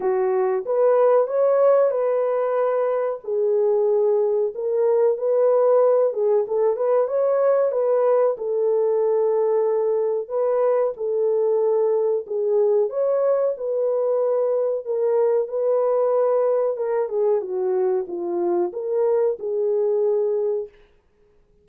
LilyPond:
\new Staff \with { instrumentName = "horn" } { \time 4/4 \tempo 4 = 93 fis'4 b'4 cis''4 b'4~ | b'4 gis'2 ais'4 | b'4. gis'8 a'8 b'8 cis''4 | b'4 a'2. |
b'4 a'2 gis'4 | cis''4 b'2 ais'4 | b'2 ais'8 gis'8 fis'4 | f'4 ais'4 gis'2 | }